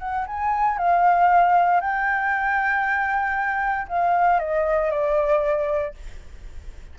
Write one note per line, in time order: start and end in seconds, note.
0.00 0.26 F#5
0.27 0.78 G#5
0.78 1.81 F5
1.81 3.88 G5
3.89 4.40 F5
4.40 4.91 D#5
4.91 5.95 D5